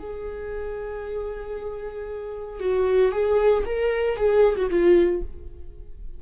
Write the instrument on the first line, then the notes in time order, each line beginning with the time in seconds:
viola
0.00 G#4
2.60 F#4
3.12 G#4
3.66 A#4
4.17 G#4
4.57 F#4
4.71 F4